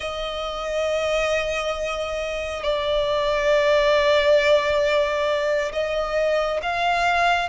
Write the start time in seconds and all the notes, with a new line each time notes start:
0.00 D#5
2.63 D5
5.72 D#5
6.62 F5